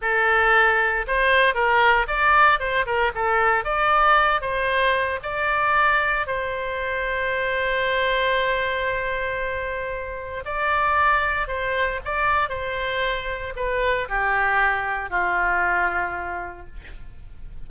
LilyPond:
\new Staff \with { instrumentName = "oboe" } { \time 4/4 \tempo 4 = 115 a'2 c''4 ais'4 | d''4 c''8 ais'8 a'4 d''4~ | d''8 c''4. d''2 | c''1~ |
c''1 | d''2 c''4 d''4 | c''2 b'4 g'4~ | g'4 f'2. | }